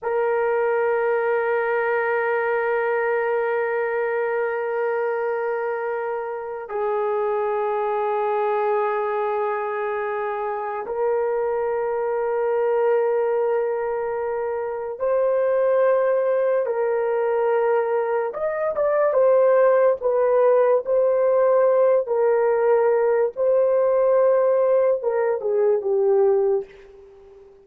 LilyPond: \new Staff \with { instrumentName = "horn" } { \time 4/4 \tempo 4 = 72 ais'1~ | ais'1 | gis'1~ | gis'4 ais'2.~ |
ais'2 c''2 | ais'2 dis''8 d''8 c''4 | b'4 c''4. ais'4. | c''2 ais'8 gis'8 g'4 | }